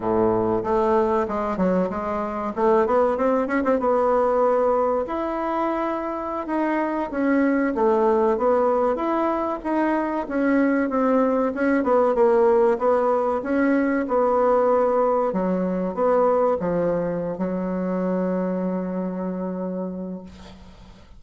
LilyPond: \new Staff \with { instrumentName = "bassoon" } { \time 4/4 \tempo 4 = 95 a,4 a4 gis8 fis8 gis4 | a8 b8 c'8 cis'16 c'16 b2 | e'2~ e'16 dis'4 cis'8.~ | cis'16 a4 b4 e'4 dis'8.~ |
dis'16 cis'4 c'4 cis'8 b8 ais8.~ | ais16 b4 cis'4 b4.~ b16~ | b16 fis4 b4 f4~ f16 fis8~ | fis1 | }